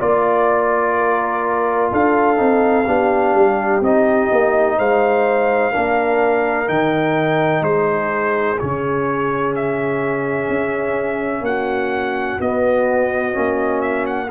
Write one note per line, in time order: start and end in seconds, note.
0.00 1.92 A#3
0.00 2.37 F4
0.00 0.95 D5
0.00 1.92 D5
0.98 1.92 A#4
1.92 2.40 D4
1.92 2.87 A4
1.92 3.84 F5
2.37 2.87 C4
2.37 2.85 D#4
2.87 3.35 B3
2.87 3.83 D4
2.87 4.77 G4
3.35 3.81 G3
3.81 4.29 C4
3.81 5.72 D#4
3.81 4.80 D#5
4.32 4.79 A#3
4.78 5.74 G#3
4.78 5.72 C5
4.78 6.69 F5
5.72 6.69 A#3
5.72 6.66 D4
5.72 7.63 A#4
6.66 7.61 D#3
6.66 8.57 D#4
6.66 7.64 G5
7.61 8.57 G#3
7.61 11.45 G#4
7.61 8.59 C5
8.60 10.49 C#3
8.60 12.41 C#4
8.60 9.55 C#5
9.56 11.45 E5
10.49 11.41 C#4
11.41 12.37 A#3
11.41 14.31 F#4
11.41 12.41 F#5
12.40 13.36 B3
12.40 13.33 B3
12.40 13.82 D#5
13.33 14.31 A#3
13.33 14.28 C#4
13.82 14.06 E5
14.07 14.31 F#5